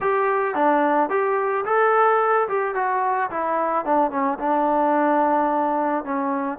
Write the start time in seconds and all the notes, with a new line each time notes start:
0.00 G4
0.55 D4
1.09 G4
1.65 A4
2.48 G4
2.74 F#4
3.30 E4
3.85 D4
4.11 C#4
4.39 D4
6.04 C#4